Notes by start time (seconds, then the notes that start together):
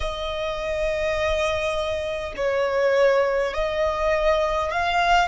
0.00 D#5
2.36 C#5
3.53 D#5
4.71 F5